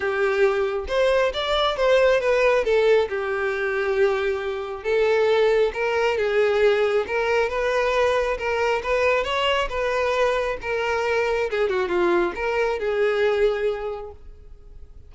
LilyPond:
\new Staff \with { instrumentName = "violin" } { \time 4/4 \tempo 4 = 136 g'2 c''4 d''4 | c''4 b'4 a'4 g'4~ | g'2. a'4~ | a'4 ais'4 gis'2 |
ais'4 b'2 ais'4 | b'4 cis''4 b'2 | ais'2 gis'8 fis'8 f'4 | ais'4 gis'2. | }